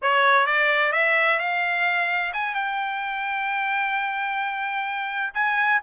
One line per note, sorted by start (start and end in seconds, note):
0.01 0.46 C#5
0.46 0.92 D5
0.92 1.39 E5
1.39 2.32 F5
2.33 2.54 G#5
2.54 5.33 G5
5.34 5.80 G#5